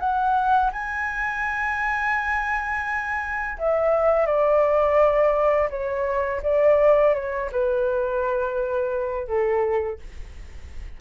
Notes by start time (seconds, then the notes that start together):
0.00 F#5
0.72 G#5
3.58 E5
4.26 D5
5.70 C#5
6.43 D5
7.15 C#5
7.52 B4
9.28 A4